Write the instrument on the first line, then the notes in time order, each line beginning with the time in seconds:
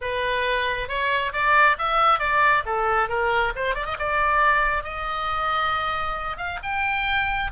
oboe
0.01 B4
0.88 C#5
1.32 D5
1.78 E5
2.19 D5
2.65 A4
3.08 A#4
3.55 C5
3.74 D5
3.85 D#5
3.98 D5
4.83 D#5
6.37 F5
6.63 G5